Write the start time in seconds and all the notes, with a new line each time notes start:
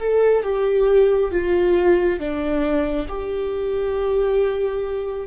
0.00 A4
0.43 G4
1.32 F4
2.19 D4
3.08 G4